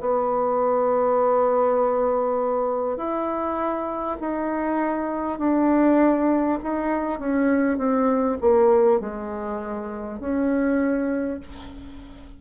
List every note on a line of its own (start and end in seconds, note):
0.00 2.97 B3
2.97 4.17 E4
4.20 5.39 D#4
5.39 6.59 D4
6.63 7.19 D#4
7.19 7.78 C#4
7.78 8.38 C4
8.41 9.00 A#3
9.00 10.20 G#3
10.20 11.40 C#4